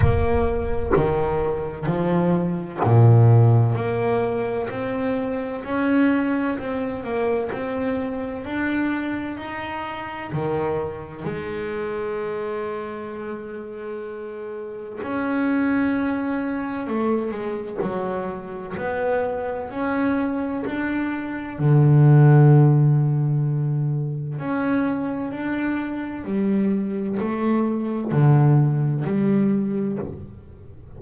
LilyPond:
\new Staff \with { instrumentName = "double bass" } { \time 4/4 \tempo 4 = 64 ais4 dis4 f4 ais,4 | ais4 c'4 cis'4 c'8 ais8 | c'4 d'4 dis'4 dis4 | gis1 |
cis'2 a8 gis8 fis4 | b4 cis'4 d'4 d4~ | d2 cis'4 d'4 | g4 a4 d4 g4 | }